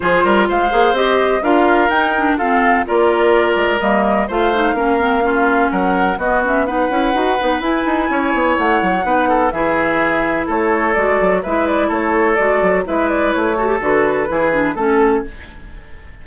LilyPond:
<<
  \new Staff \with { instrumentName = "flute" } { \time 4/4 \tempo 4 = 126 c''4 f''4 dis''4 f''4 | g''4 f''4 d''2 | dis''4 f''2. | fis''4 dis''8 e''8 fis''2 |
gis''2 fis''2 | e''2 cis''4 d''4 | e''8 d''8 cis''4 d''4 e''8 d''8 | cis''4 b'2 a'4 | }
  \new Staff \with { instrumentName = "oboe" } { \time 4/4 gis'8 ais'8 c''2 ais'4~ | ais'4 a'4 ais'2~ | ais'4 c''4 ais'4 f'4 | ais'4 fis'4 b'2~ |
b'4 cis''2 b'8 a'8 | gis'2 a'2 | b'4 a'2 b'4~ | b'8 a'4. gis'4 a'4 | }
  \new Staff \with { instrumentName = "clarinet" } { \time 4/4 f'4. gis'8 g'4 f'4 | dis'8 d'8 c'4 f'2 | ais4 f'8 dis'8 cis'8 c'8 cis'4~ | cis'4 b8 cis'8 dis'8 e'8 fis'8 dis'8 |
e'2. dis'4 | e'2. fis'4 | e'2 fis'4 e'4~ | e'8 fis'16 g'16 fis'4 e'8 d'8 cis'4 | }
  \new Staff \with { instrumentName = "bassoon" } { \time 4/4 f8 g8 gis8 ais8 c'4 d'4 | dis'4 f'4 ais4. gis8 | g4 a4 ais2 | fis4 b4. cis'8 dis'8 b8 |
e'8 dis'8 cis'8 b8 a8 fis8 b4 | e2 a4 gis8 fis8 | gis4 a4 gis8 fis8 gis4 | a4 d4 e4 a4 | }
>>